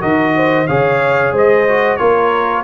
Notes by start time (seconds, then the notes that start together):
0.00 D#3 F#4 A#4 D#5
0.37 C5
0.68 C#3 G#4 C#5 F5
1.33 G#3 C5 D#5
1.69 F#4
1.97 A#3 F4 A#4 C#5